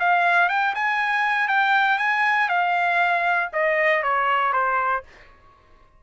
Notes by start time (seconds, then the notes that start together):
0.00 F5
0.49 G5
0.75 G#5
1.49 G5
1.99 G#5
2.49 F5
3.53 D#5
4.03 C#5
4.53 C5